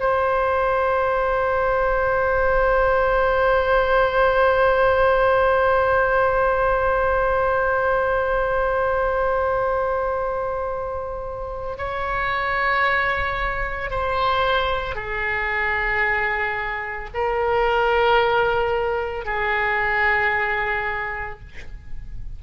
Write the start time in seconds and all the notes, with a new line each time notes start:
0.00 C5
11.78 C#5
13.91 C5
14.96 G#4
17.14 A#4
19.26 G#4